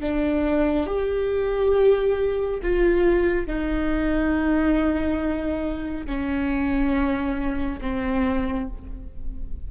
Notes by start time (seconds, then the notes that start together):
0.00 D4
0.87 G4
2.62 F4
3.47 D#4
6.06 C#4
7.81 C4